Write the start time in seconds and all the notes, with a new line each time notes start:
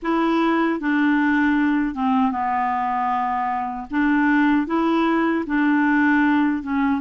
0.02 E4
0.80 D4
1.94 C4
2.31 B3
3.90 D4
4.66 E4
5.46 D4
6.62 C#4